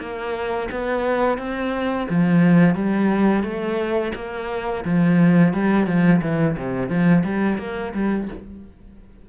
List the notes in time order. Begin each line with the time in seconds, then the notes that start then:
0.00 A#3
0.71 B3
1.38 C4
2.09 F3
2.75 G3
3.43 A3
4.15 A#3
4.85 F3
5.53 G3
5.87 F3
6.22 E3
6.57 C3
6.89 F3
7.24 G3
7.58 A#3
7.94 G3